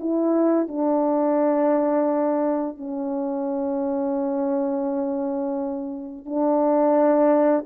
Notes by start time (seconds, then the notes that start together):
0.00 E4
0.68 D4
2.78 C#4
6.26 D4